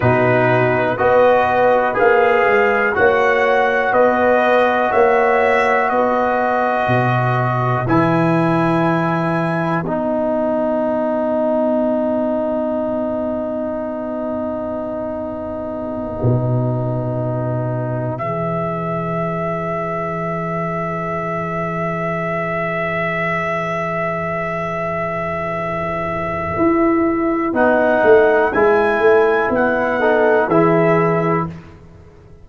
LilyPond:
<<
  \new Staff \with { instrumentName = "trumpet" } { \time 4/4 \tempo 4 = 61 b'4 dis''4 f''4 fis''4 | dis''4 e''4 dis''2 | gis''2 fis''2~ | fis''1~ |
fis''2~ fis''8 e''4.~ | e''1~ | e''1 | fis''4 gis''4 fis''4 e''4 | }
  \new Staff \with { instrumentName = "horn" } { \time 4/4 fis'4 b'2 cis''4 | b'4 cis''4 b'2~ | b'1~ | b'1~ |
b'1~ | b'1~ | b'1~ | b'2~ b'8 a'8 gis'4 | }
  \new Staff \with { instrumentName = "trombone" } { \time 4/4 dis'4 fis'4 gis'4 fis'4~ | fis'1 | e'2 dis'2~ | dis'1~ |
dis'2~ dis'8 gis'4.~ | gis'1~ | gis'1 | dis'4 e'4. dis'8 e'4 | }
  \new Staff \with { instrumentName = "tuba" } { \time 4/4 b,4 b4 ais8 gis8 ais4 | b4 ais4 b4 b,4 | e2 b2~ | b1~ |
b8 b,2 e4.~ | e1~ | e2. e'4 | b8 a8 gis8 a8 b4 e4 | }
>>